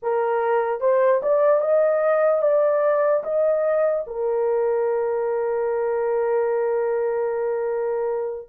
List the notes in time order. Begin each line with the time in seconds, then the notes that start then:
0.02 A#4
0.80 C5
1.22 D5
1.60 D#5
2.41 D5
3.23 D#5
4.07 A#4